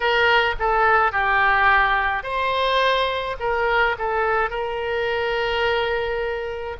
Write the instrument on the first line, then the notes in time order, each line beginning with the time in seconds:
oboe
0.00 A#4
0.59 A4
1.12 G4
2.23 C5
3.39 A#4
3.98 A4
4.50 A#4